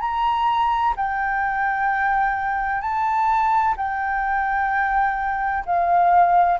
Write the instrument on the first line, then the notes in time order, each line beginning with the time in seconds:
flute
0.00 A#5
0.96 G5
2.81 A5
3.77 G5
5.65 F5